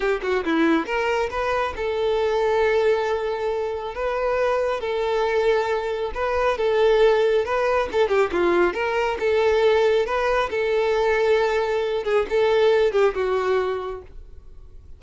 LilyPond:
\new Staff \with { instrumentName = "violin" } { \time 4/4 \tempo 4 = 137 g'8 fis'8 e'4 ais'4 b'4 | a'1~ | a'4 b'2 a'4~ | a'2 b'4 a'4~ |
a'4 b'4 a'8 g'8 f'4 | ais'4 a'2 b'4 | a'2.~ a'8 gis'8 | a'4. g'8 fis'2 | }